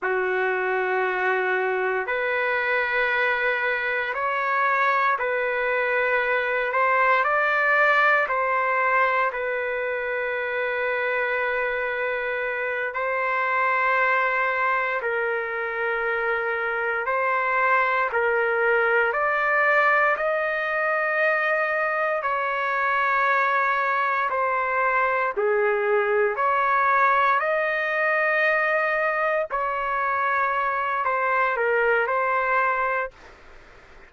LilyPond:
\new Staff \with { instrumentName = "trumpet" } { \time 4/4 \tempo 4 = 58 fis'2 b'2 | cis''4 b'4. c''8 d''4 | c''4 b'2.~ | b'8 c''2 ais'4.~ |
ais'8 c''4 ais'4 d''4 dis''8~ | dis''4. cis''2 c''8~ | c''8 gis'4 cis''4 dis''4.~ | dis''8 cis''4. c''8 ais'8 c''4 | }